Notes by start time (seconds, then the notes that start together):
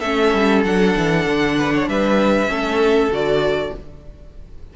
0.00 A3 C#4 A4 E5
0.33 G3
0.64 F#3 D4 F#5
0.96 E3
1.26 D3
1.58 B4
1.74 C#5
1.87 G3 B4 E5
2.47 A3 C#4 A4
3.09 D3 F#4 D5